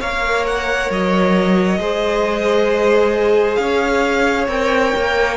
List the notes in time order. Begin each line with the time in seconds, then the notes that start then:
0.00 A#3 A#4 C#5 F5
0.46 F#5
0.90 F#3 D#5
1.78 G#3 G#4 C5
3.55 C#4 C#5 F5
4.48 C4 A#4 G5
4.96 A#3